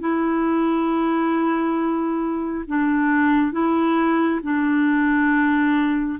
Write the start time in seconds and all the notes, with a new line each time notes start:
0.00 E4
2.68 D4
3.52 E4
4.43 D4